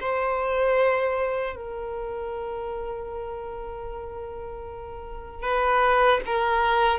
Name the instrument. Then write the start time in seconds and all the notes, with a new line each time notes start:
violin
0.00 C5
1.55 A#4
5.42 B4
6.26 A#4